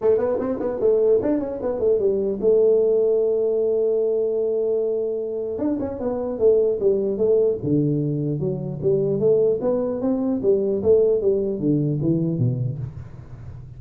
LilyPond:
\new Staff \with { instrumentName = "tuba" } { \time 4/4 \tempo 4 = 150 a8 b8 c'8 b8 a4 d'8 cis'8 | b8 a8 g4 a2~ | a1~ | a2 d'8 cis'8 b4 |
a4 g4 a4 d4~ | d4 fis4 g4 a4 | b4 c'4 g4 a4 | g4 d4 e4 b,4 | }